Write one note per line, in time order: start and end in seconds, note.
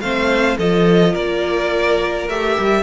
0.00 0.58 A3
0.00 0.59 C4
0.00 0.57 C5
0.00 0.57 F5
0.57 1.15 F3
0.57 2.29 F4
0.57 1.12 A4
0.57 1.15 D#5
1.12 2.28 A#3
1.12 2.82 A#4
1.12 2.28 D5
2.28 2.56 A3
2.28 2.83 G4
2.28 2.83 E5
2.59 2.83 G3